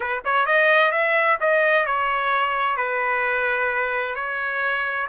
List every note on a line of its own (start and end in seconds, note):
0.00 0.22 B4
0.24 0.46 C#5
0.46 0.91 D#5
0.91 1.37 E5
1.40 1.86 D#5
1.86 2.77 C#5
2.77 4.15 B4
4.15 5.07 C#5